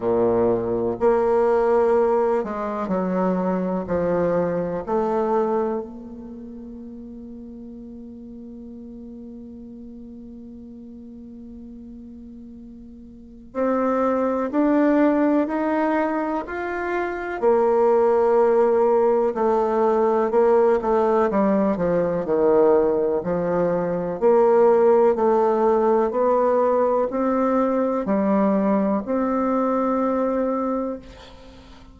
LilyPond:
\new Staff \with { instrumentName = "bassoon" } { \time 4/4 \tempo 4 = 62 ais,4 ais4. gis8 fis4 | f4 a4 ais2~ | ais1~ | ais2 c'4 d'4 |
dis'4 f'4 ais2 | a4 ais8 a8 g8 f8 dis4 | f4 ais4 a4 b4 | c'4 g4 c'2 | }